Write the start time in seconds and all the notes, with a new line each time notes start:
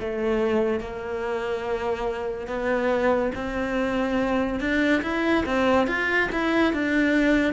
0.00 A3
0.80 A#3
2.47 B3
3.35 C4
4.60 D4
5.03 E4
5.45 C4
5.88 F4
6.32 E4
6.73 D4